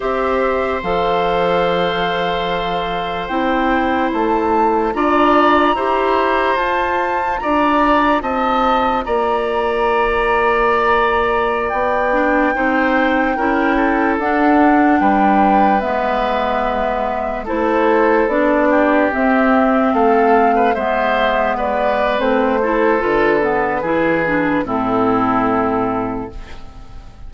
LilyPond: <<
  \new Staff \with { instrumentName = "flute" } { \time 4/4 \tempo 4 = 73 e''4 f''2. | g''4 a''4 ais''2 | a''4 ais''4 a''4 ais''4~ | ais''2~ ais''16 g''4.~ g''16~ |
g''4~ g''16 fis''4 g''4 e''8.~ | e''4~ e''16 c''4 d''4 e''8.~ | e''16 f''4 e''4 d''8. c''4 | b'2 a'2 | }
  \new Staff \with { instrumentName = "oboe" } { \time 4/4 c''1~ | c''2 d''4 c''4~ | c''4 d''4 dis''4 d''4~ | d''2.~ d''16 c''8.~ |
c''16 ais'8 a'4. b'4.~ b'16~ | b'4~ b'16 a'4. g'4~ g'16~ | g'16 a'8. b'16 c''4 b'4~ b'16 a'8~ | a'4 gis'4 e'2 | }
  \new Staff \with { instrumentName = "clarinet" } { \time 4/4 g'4 a'2. | e'2 f'4 g'4 | f'1~ | f'2~ f'8. d'8 dis'8.~ |
dis'16 e'4 d'2 b8.~ | b4~ b16 e'4 d'4 c'8.~ | c'4~ c'16 b4.~ b16 c'8 e'8 | f'8 b8 e'8 d'8 c'2 | }
  \new Staff \with { instrumentName = "bassoon" } { \time 4/4 c'4 f2. | c'4 a4 d'4 e'4 | f'4 d'4 c'4 ais4~ | ais2~ ais16 b4 c'8.~ |
c'16 cis'4 d'4 g4 gis8.~ | gis4~ gis16 a4 b4 c'8.~ | c'16 a4 gis4.~ gis16 a4 | d4 e4 a,2 | }
>>